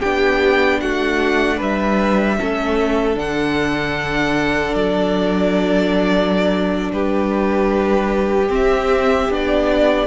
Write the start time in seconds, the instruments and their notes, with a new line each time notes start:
0.00 cello B3, viola D4, violin G4 G5
0.80 cello A3, violin F#4 F#5
1.57 cello G3, violin B4 E5
2.39 cello A3, viola C#4, violin A4
3.15 cello D3, viola D4, violin F#5
4.74 cello F#3, violin D5
6.92 cello G3, violin G4 B4
8.49 viola C4, cello C4, violin E5
9.29 cello B3, viola D4, violin D5